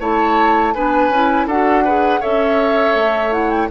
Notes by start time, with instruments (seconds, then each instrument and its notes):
0.00 bassoon A3, clarinet E4, oboe C#5, flute A5
0.73 bassoon B3, clarinet D4, oboe B4, flute G#5
1.09 bassoon C#4, clarinet E4
1.46 bassoon D4, clarinet F#4, oboe A4, flute F#5
1.85 clarinet G#4, oboe B4
2.21 bassoon C#4, clarinet A4, oboe C#5, flute E5
2.95 bassoon A3
3.32 clarinet E4, flute F#5
3.50 flute G5